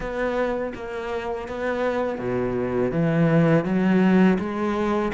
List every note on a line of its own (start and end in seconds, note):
0.00 0.73 B3
0.75 1.47 A#3
1.47 2.18 B3
2.18 2.91 B2
2.91 3.64 E3
3.65 4.38 F#3
4.38 5.12 G#3